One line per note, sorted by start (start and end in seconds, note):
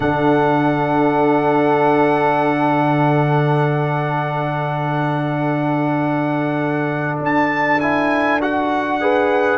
0.00 7.18 D3
0.00 7.79 D4
0.00 8.99 A4
0.00 7.19 F#5
7.19 9.58 D4
7.19 7.80 A5
7.80 8.40 E4
7.80 8.40 G#5
8.40 9.00 F#4
8.40 9.58 F#5
9.00 9.58 G#4
9.00 9.58 B4